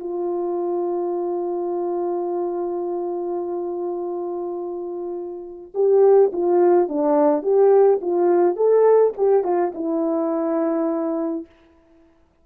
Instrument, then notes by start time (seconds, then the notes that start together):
horn
0.00 F4
5.74 G4
6.33 F4
6.89 D4
7.43 G4
8.01 F4
8.57 A4
9.17 G4
9.44 F4
9.75 E4